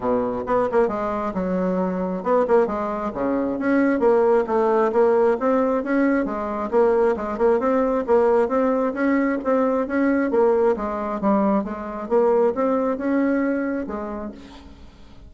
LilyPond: \new Staff \with { instrumentName = "bassoon" } { \time 4/4 \tempo 4 = 134 b,4 b8 ais8 gis4 fis4~ | fis4 b8 ais8 gis4 cis4 | cis'4 ais4 a4 ais4 | c'4 cis'4 gis4 ais4 |
gis8 ais8 c'4 ais4 c'4 | cis'4 c'4 cis'4 ais4 | gis4 g4 gis4 ais4 | c'4 cis'2 gis4 | }